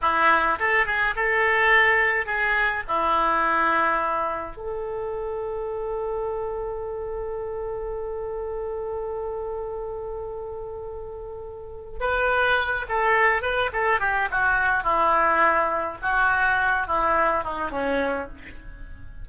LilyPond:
\new Staff \with { instrumentName = "oboe" } { \time 4/4 \tempo 4 = 105 e'4 a'8 gis'8 a'2 | gis'4 e'2. | a'1~ | a'1~ |
a'1~ | a'4 b'4. a'4 b'8 | a'8 g'8 fis'4 e'2 | fis'4. e'4 dis'8 cis'4 | }